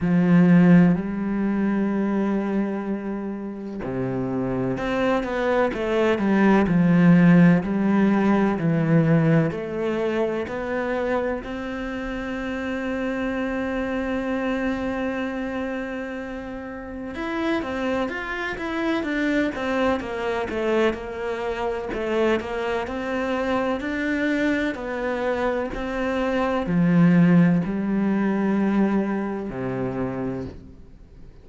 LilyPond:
\new Staff \with { instrumentName = "cello" } { \time 4/4 \tempo 4 = 63 f4 g2. | c4 c'8 b8 a8 g8 f4 | g4 e4 a4 b4 | c'1~ |
c'2 e'8 c'8 f'8 e'8 | d'8 c'8 ais8 a8 ais4 a8 ais8 | c'4 d'4 b4 c'4 | f4 g2 c4 | }